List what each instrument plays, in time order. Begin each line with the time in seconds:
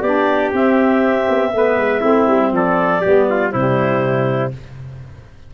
0.00 tuba B3, saxophone D4, trumpet G4, clarinet D5
0.52 tuba C4, saxophone C4, clarinet E5
1.28 tuba B3
1.53 tuba A3, saxophone B3, trumpet B4
1.77 tuba G#3
2.00 tuba A3, saxophone C4, trumpet E4
2.27 tuba G3
2.52 tuba F3, trumpet A4, clarinet D5
3.01 tuba G3, saxophone B3, trumpet G4
3.29 trumpet F4
3.51 tuba C3, saxophone G3, trumpet E4, clarinet C5